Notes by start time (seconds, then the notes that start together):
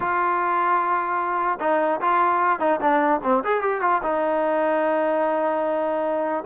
0.00 F4
1.60 D#4
2.00 F4
2.59 D#4
2.80 D4
3.23 C4
3.44 G#4
3.61 G4
3.81 F4
4.02 D#4